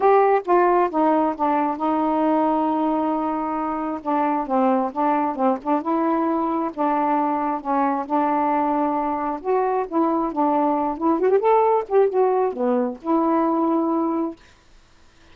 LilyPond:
\new Staff \with { instrumentName = "saxophone" } { \time 4/4 \tempo 4 = 134 g'4 f'4 dis'4 d'4 | dis'1~ | dis'4 d'4 c'4 d'4 | c'8 d'8 e'2 d'4~ |
d'4 cis'4 d'2~ | d'4 fis'4 e'4 d'4~ | d'8 e'8 fis'16 g'16 a'4 g'8 fis'4 | b4 e'2. | }